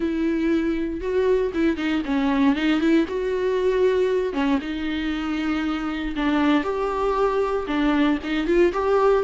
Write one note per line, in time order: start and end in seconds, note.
0.00 1.00 E4
1.00 1.52 F#4
1.53 1.76 E4
1.76 2.02 D#4
2.05 2.55 C#4
2.55 2.80 D#4
2.80 3.05 E4
3.08 4.33 F#4
4.33 4.58 C#4
4.61 6.14 D#4
6.15 6.63 D4
6.63 7.65 G4
7.67 8.18 D4
8.23 8.46 D#4
8.46 8.72 F4
8.72 9.23 G4